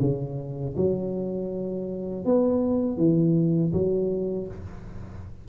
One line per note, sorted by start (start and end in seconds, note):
0.00 0.75 C#3
0.76 2.25 F#3
2.25 2.97 B3
2.97 3.72 E3
3.72 4.47 F#3